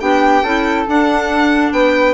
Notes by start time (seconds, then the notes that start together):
0.00 B3 D4 G4 G5
0.43 C#4 E4 A4
0.88 D4 F#5
1.72 B3 B4 G5